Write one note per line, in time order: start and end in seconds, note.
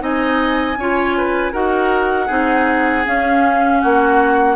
0.00 0.77 C4
0.00 0.76 D#4
0.00 0.78 D#5
0.00 1.54 G#5
0.77 1.53 C#4
0.77 1.53 F4
0.77 1.18 C#5
1.18 1.53 B4
1.53 2.30 D#4
1.53 2.29 F#4
1.53 2.27 A#4
1.53 3.06 F#5
2.27 3.06 C4
2.27 3.05 D#4
2.27 3.79 G#4
3.06 4.56 C#4
3.06 3.84 C#4
3.06 3.81 F5
3.81 4.56 A#3
3.81 4.56 F#4
3.81 4.56 F#5